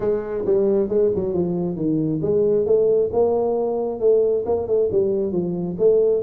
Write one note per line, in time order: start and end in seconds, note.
0.00 0.44 G#3
0.45 0.88 G3
0.88 1.11 G#3
1.15 1.33 F#3
1.33 1.76 F3
1.76 2.20 D#3
2.22 2.66 G#3
2.66 3.10 A3
3.13 4.00 A#3
4.00 4.44 A3
4.45 4.67 A#3
4.67 4.89 A3
4.91 5.32 G3
5.32 5.76 F3
5.78 6.22 A3